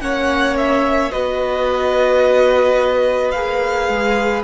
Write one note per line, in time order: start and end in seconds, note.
0.00 1.12 A#3
0.00 1.11 C#4
0.00 1.12 C#5
0.00 0.56 F#5
0.57 1.11 E5
1.11 3.33 B3
1.11 3.33 F#4
1.11 4.44 B4
1.11 3.31 D#5
3.31 3.88 A#3
3.31 4.44 G#4
3.31 4.42 F5
3.88 4.44 G#3